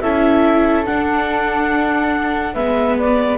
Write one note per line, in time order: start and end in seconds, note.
0.00 0.86 C#4
0.00 0.86 E4
0.00 2.53 A4
0.00 0.85 E5
0.85 2.55 D4
0.85 2.54 F#5
2.53 3.37 G#3
2.53 3.37 B3
2.53 3.37 B4
2.53 2.96 E5
2.98 3.37 D5